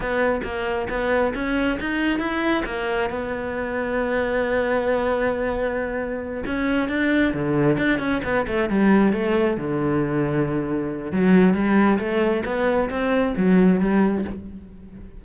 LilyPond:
\new Staff \with { instrumentName = "cello" } { \time 4/4 \tempo 4 = 135 b4 ais4 b4 cis'4 | dis'4 e'4 ais4 b4~ | b1~ | b2~ b8 cis'4 d'8~ |
d'8 d4 d'8 cis'8 b8 a8 g8~ | g8 a4 d2~ d8~ | d4 fis4 g4 a4 | b4 c'4 fis4 g4 | }